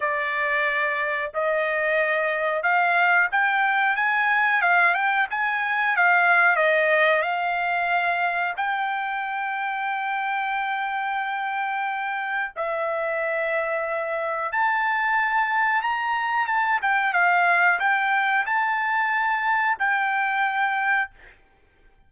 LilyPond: \new Staff \with { instrumentName = "trumpet" } { \time 4/4 \tempo 4 = 91 d''2 dis''2 | f''4 g''4 gis''4 f''8 g''8 | gis''4 f''4 dis''4 f''4~ | f''4 g''2.~ |
g''2. e''4~ | e''2 a''2 | ais''4 a''8 g''8 f''4 g''4 | a''2 g''2 | }